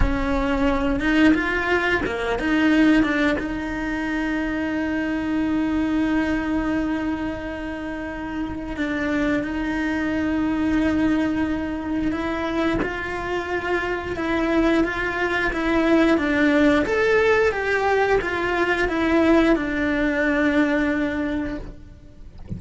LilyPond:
\new Staff \with { instrumentName = "cello" } { \time 4/4 \tempo 4 = 89 cis'4. dis'8 f'4 ais8 dis'8~ | dis'8 d'8 dis'2.~ | dis'1~ | dis'4 d'4 dis'2~ |
dis'2 e'4 f'4~ | f'4 e'4 f'4 e'4 | d'4 a'4 g'4 f'4 | e'4 d'2. | }